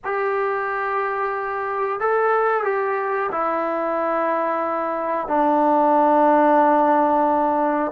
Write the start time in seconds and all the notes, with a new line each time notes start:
0.04 G4
2.00 A4
2.64 G4
3.31 E4
5.27 D4